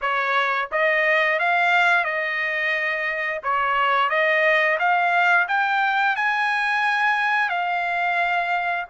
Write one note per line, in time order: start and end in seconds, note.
0.01 0.69 C#5
0.71 1.39 D#5
1.39 2.04 F5
2.04 3.41 D#5
3.43 4.09 C#5
4.09 4.78 D#5
4.79 5.47 F5
5.48 6.15 G5
6.15 7.49 G#5
7.49 8.85 F5